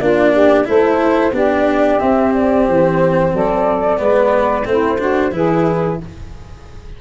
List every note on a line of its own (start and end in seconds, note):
0.00 0.67 A#3
0.00 0.64 D4
0.00 0.32 F4
0.00 0.67 D5
0.32 0.66 G4
0.64 1.32 A3
0.64 1.31 E4
0.64 1.32 A4
0.64 1.35 C5
1.32 1.98 B3
1.32 1.99 D4
1.32 3.32 G4
1.32 1.99 D5
1.99 3.97 C4
1.99 2.68 C4
1.99 2.32 E5
2.34 2.67 D5
2.68 3.33 E3
2.68 3.35 C5
3.32 3.99 F#3
3.32 3.99 A4
3.32 4.68 D5
3.97 4.66 G#3
3.97 4.63 B3
3.97 4.68 B4
4.64 5.31 A3
4.64 4.98 C4
4.64 4.99 E4
4.64 5.34 C5
4.98 5.31 D4
4.98 5.32 F#4
5.31 5.98 E3
5.31 5.98 E4
5.31 6.01 G#4
5.31 6.01 B4